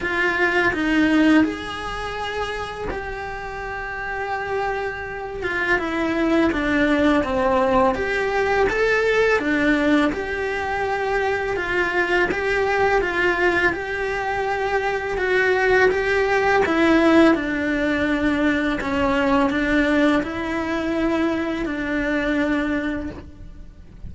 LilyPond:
\new Staff \with { instrumentName = "cello" } { \time 4/4 \tempo 4 = 83 f'4 dis'4 gis'2 | g'2.~ g'8 f'8 | e'4 d'4 c'4 g'4 | a'4 d'4 g'2 |
f'4 g'4 f'4 g'4~ | g'4 fis'4 g'4 e'4 | d'2 cis'4 d'4 | e'2 d'2 | }